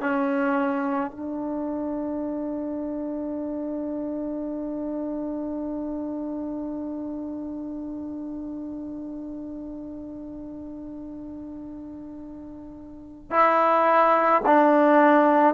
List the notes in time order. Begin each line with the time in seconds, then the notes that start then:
0.00 C#4
1.11 D4
13.30 E4
14.45 D4